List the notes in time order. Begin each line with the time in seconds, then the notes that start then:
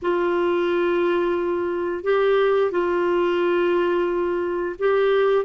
0.02 F4
2.03 G4
2.71 F4
4.79 G4